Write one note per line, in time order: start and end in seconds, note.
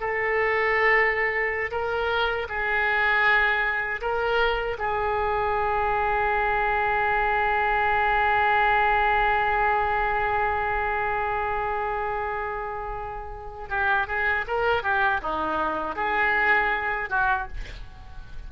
0.00 1.71 A4
1.71 2.47 A#4
2.49 4.01 G#4
4.01 4.77 A#4
4.78 13.70 G#4
13.70 14.07 G4
14.07 14.45 G#4
14.47 14.83 A#4
14.83 15.21 G4
15.21 15.96 D#4
15.96 17.10 G#4
17.10 17.48 F#4